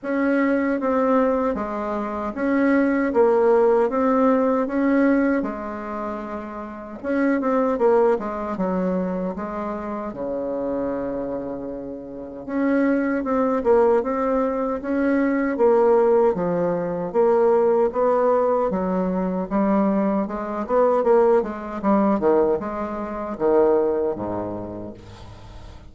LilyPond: \new Staff \with { instrumentName = "bassoon" } { \time 4/4 \tempo 4 = 77 cis'4 c'4 gis4 cis'4 | ais4 c'4 cis'4 gis4~ | gis4 cis'8 c'8 ais8 gis8 fis4 | gis4 cis2. |
cis'4 c'8 ais8 c'4 cis'4 | ais4 f4 ais4 b4 | fis4 g4 gis8 b8 ais8 gis8 | g8 dis8 gis4 dis4 gis,4 | }